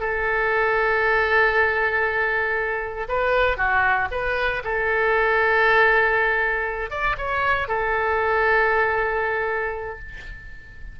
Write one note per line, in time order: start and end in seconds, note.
0.00 3.08 A4
3.08 3.57 B4
3.57 4.08 F#4
4.11 4.62 B4
4.64 6.90 A4
6.90 7.16 D5
7.18 7.68 C#5
7.68 9.99 A4